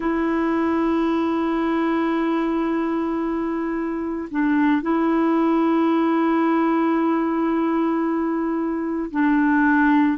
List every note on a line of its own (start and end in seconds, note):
0.00 4.29 E4
4.31 4.82 D4
4.82 9.10 E4
9.11 10.18 D4